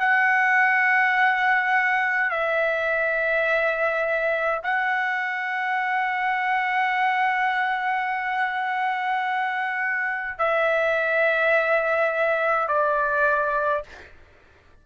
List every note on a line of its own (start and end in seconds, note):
0.00 2.31 F#5
2.31 4.62 E5
4.64 10.39 F#5
10.39 12.68 E5
12.68 13.84 D5